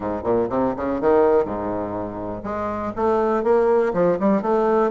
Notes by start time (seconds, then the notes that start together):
0.00 G#2
0.23 A#2
0.49 C3
0.76 C#3
1.00 D#3
1.44 G#2
2.43 G#3
2.96 A3
3.43 A#3
3.93 F3
4.19 G3
4.42 A3